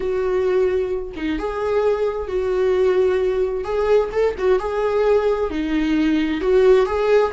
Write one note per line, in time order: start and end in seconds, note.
0.00 1.12 F#4
1.16 1.38 D#4
1.38 2.27 G#4
2.27 3.63 F#4
3.63 4.09 G#4
4.11 4.34 A4
4.38 4.59 F#4
4.59 5.50 G#4
5.50 6.40 D#4
6.40 6.86 F#4
6.86 7.32 G#4